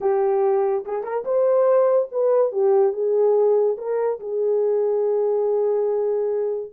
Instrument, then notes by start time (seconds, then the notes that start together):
horn
0.00 G4
0.85 G#4
1.03 A#4
1.25 C5
2.11 B4
2.52 G4
2.92 G#4
3.77 A#4
4.19 G#4